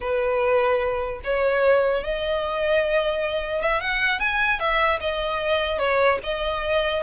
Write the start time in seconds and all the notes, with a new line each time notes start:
0.01 B4
1.23 C#5
2.03 D#5
3.61 E5
3.80 F#5
4.19 G#5
4.59 E5
5.00 D#5
5.79 C#5
6.23 D#5